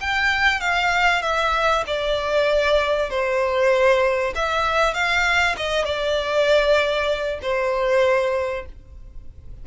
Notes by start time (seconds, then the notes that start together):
0.00 G5
0.60 F5
1.22 E5
1.87 D5
3.10 C5
4.35 E5
4.93 F5
5.56 D#5
5.85 D5
7.42 C5